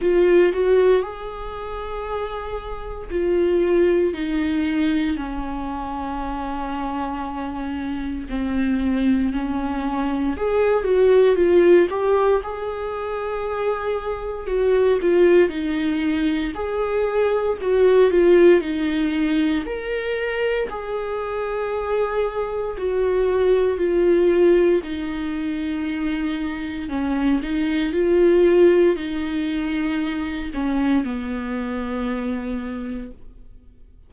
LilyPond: \new Staff \with { instrumentName = "viola" } { \time 4/4 \tempo 4 = 58 f'8 fis'8 gis'2 f'4 | dis'4 cis'2. | c'4 cis'4 gis'8 fis'8 f'8 g'8 | gis'2 fis'8 f'8 dis'4 |
gis'4 fis'8 f'8 dis'4 ais'4 | gis'2 fis'4 f'4 | dis'2 cis'8 dis'8 f'4 | dis'4. cis'8 b2 | }